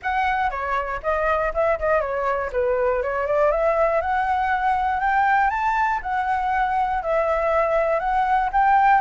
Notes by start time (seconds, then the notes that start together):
0.02 F#5
0.50 C#5
1.02 D#5
1.53 E5
1.79 D#5
2.00 C#5
2.52 B4
3.02 C#5
3.26 D5
3.51 E5
4.01 F#5
5.00 G5
5.50 A5
6.02 F#5
7.02 E5
7.99 F#5
8.52 G5